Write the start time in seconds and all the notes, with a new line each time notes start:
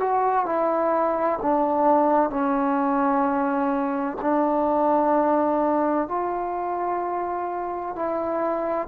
0.00 F#4
0.46 E4
1.42 D4
2.30 C#4
4.21 D4
6.08 F4
7.96 E4